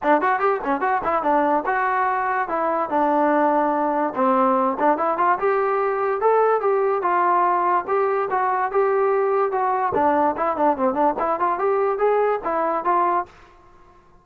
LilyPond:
\new Staff \with { instrumentName = "trombone" } { \time 4/4 \tempo 4 = 145 d'8 fis'8 g'8 cis'8 fis'8 e'8 d'4 | fis'2 e'4 d'4~ | d'2 c'4. d'8 | e'8 f'8 g'2 a'4 |
g'4 f'2 g'4 | fis'4 g'2 fis'4 | d'4 e'8 d'8 c'8 d'8 e'8 f'8 | g'4 gis'4 e'4 f'4 | }